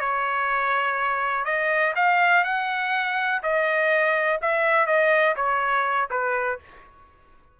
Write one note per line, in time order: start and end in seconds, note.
0.00 1.45 C#5
1.45 1.94 D#5
1.96 2.44 F5
2.44 3.42 F#5
3.43 4.40 D#5
4.42 4.86 E5
4.86 5.35 D#5
5.36 6.09 C#5
6.10 6.59 B4